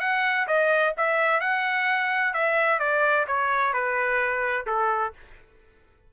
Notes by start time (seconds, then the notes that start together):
0.00 F#5
0.47 D#5
0.97 E5
1.41 F#5
2.33 E5
2.79 D5
3.27 C#5
3.73 B4
4.66 A4